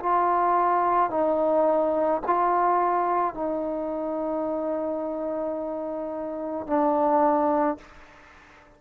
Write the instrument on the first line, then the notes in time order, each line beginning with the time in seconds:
trombone
0.00 F4
1.11 D#4
2.27 F4
3.34 D#4
6.67 D4